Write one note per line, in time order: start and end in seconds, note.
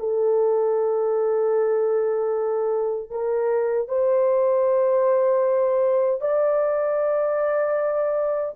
0.00 3.11 A4
3.11 3.89 A#4
3.89 6.22 C5
6.22 8.55 D5